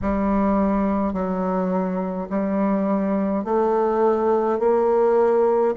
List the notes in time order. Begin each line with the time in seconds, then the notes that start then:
0.01 G3
1.13 F#3
2.29 G3
3.44 A3
4.59 A#3